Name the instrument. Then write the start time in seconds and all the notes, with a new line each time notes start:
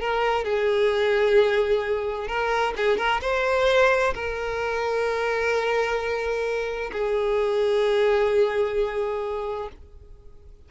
violin
0.00 A#4
0.44 G#4
2.27 A#4
2.76 G#4
2.97 A#4
3.21 C5
4.14 A#4
6.92 G#4